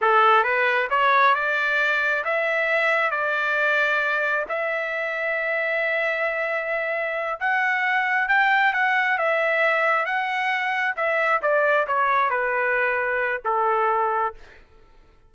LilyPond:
\new Staff \with { instrumentName = "trumpet" } { \time 4/4 \tempo 4 = 134 a'4 b'4 cis''4 d''4~ | d''4 e''2 d''4~ | d''2 e''2~ | e''1~ |
e''8 fis''2 g''4 fis''8~ | fis''8 e''2 fis''4.~ | fis''8 e''4 d''4 cis''4 b'8~ | b'2 a'2 | }